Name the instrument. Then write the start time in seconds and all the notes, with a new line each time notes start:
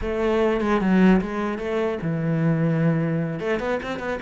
cello
0.01 A3
0.60 G#3
0.80 F#3
1.21 G#3
1.58 A3
2.01 E3
3.39 A3
3.59 B3
3.82 C4
3.99 B3